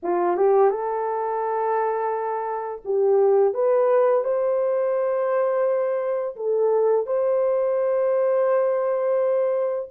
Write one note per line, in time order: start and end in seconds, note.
0.02 0.36 F4
0.36 0.70 G4
0.70 2.82 A4
2.84 3.54 G4
3.54 4.24 B4
4.24 6.35 C5
6.35 7.06 A4
7.06 9.89 C5